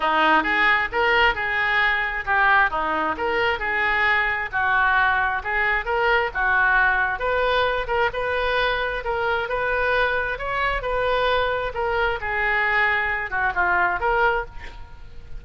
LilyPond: \new Staff \with { instrumentName = "oboe" } { \time 4/4 \tempo 4 = 133 dis'4 gis'4 ais'4 gis'4~ | gis'4 g'4 dis'4 ais'4 | gis'2 fis'2 | gis'4 ais'4 fis'2 |
b'4. ais'8 b'2 | ais'4 b'2 cis''4 | b'2 ais'4 gis'4~ | gis'4. fis'8 f'4 ais'4 | }